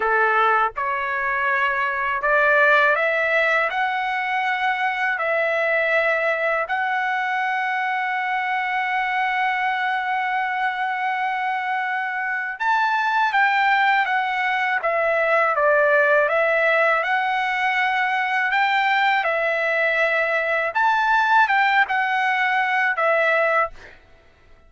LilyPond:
\new Staff \with { instrumentName = "trumpet" } { \time 4/4 \tempo 4 = 81 a'4 cis''2 d''4 | e''4 fis''2 e''4~ | e''4 fis''2.~ | fis''1~ |
fis''4 a''4 g''4 fis''4 | e''4 d''4 e''4 fis''4~ | fis''4 g''4 e''2 | a''4 g''8 fis''4. e''4 | }